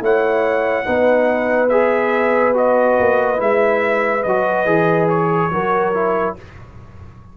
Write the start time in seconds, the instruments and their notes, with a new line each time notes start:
0.00 tuba A3, trombone E4, horn C#5, trumpet F#5
0.85 tuba B3, trombone D#4, horn B4
1.69 trombone G#4, trumpet E5
2.54 trombone F#4, trumpet D#5
2.99 tuba A#3
3.36 tuba G#3, trombone E4, trumpet E5
4.23 tuba F#3, trombone F#4, trumpet D#5
4.65 tuba E3, trombone G#4
5.09 trumpet C#5
5.51 tuba F#3, trombone F#4, horn A#4
5.94 trombone E4